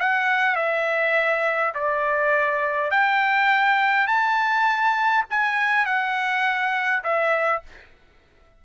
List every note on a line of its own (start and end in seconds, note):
0.00 0.56 F#5
0.56 1.74 E5
1.75 2.91 D5
2.91 4.07 G5
4.07 5.25 A5
5.30 5.86 G#5
5.86 7.03 F#5
7.04 7.63 E5